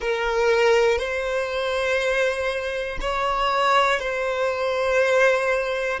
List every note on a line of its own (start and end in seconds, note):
0.00 0.98 A#4
0.98 2.98 C5
3.00 3.99 C#5
3.99 5.99 C5